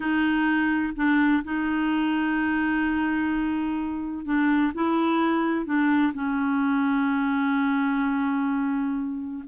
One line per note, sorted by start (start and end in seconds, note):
0.00 0.93 D#4
0.96 1.43 D4
1.43 4.25 D#4
4.25 4.72 D4
4.74 5.65 E4
5.65 6.12 D4
6.13 9.44 C#4